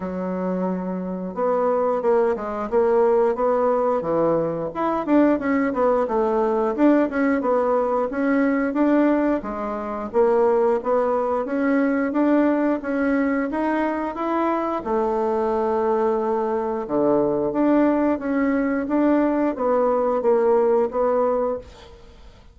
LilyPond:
\new Staff \with { instrumentName = "bassoon" } { \time 4/4 \tempo 4 = 89 fis2 b4 ais8 gis8 | ais4 b4 e4 e'8 d'8 | cis'8 b8 a4 d'8 cis'8 b4 | cis'4 d'4 gis4 ais4 |
b4 cis'4 d'4 cis'4 | dis'4 e'4 a2~ | a4 d4 d'4 cis'4 | d'4 b4 ais4 b4 | }